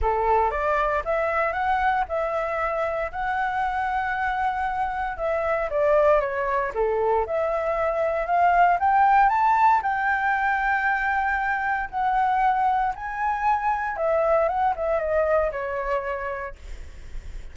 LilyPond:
\new Staff \with { instrumentName = "flute" } { \time 4/4 \tempo 4 = 116 a'4 d''4 e''4 fis''4 | e''2 fis''2~ | fis''2 e''4 d''4 | cis''4 a'4 e''2 |
f''4 g''4 a''4 g''4~ | g''2. fis''4~ | fis''4 gis''2 e''4 | fis''8 e''8 dis''4 cis''2 | }